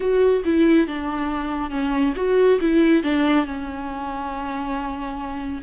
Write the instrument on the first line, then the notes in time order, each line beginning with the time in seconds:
viola
0.00 F#4
0.44 E4
0.87 D4
1.70 C#4
2.16 F#4
2.60 E4
3.03 D4
3.45 C#4